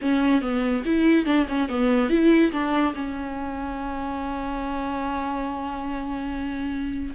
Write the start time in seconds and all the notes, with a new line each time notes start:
0.01 C#4
0.41 B3
0.85 E4
1.25 D4
1.48 C#4
1.68 B3
2.09 E4
2.52 D4
2.94 C#4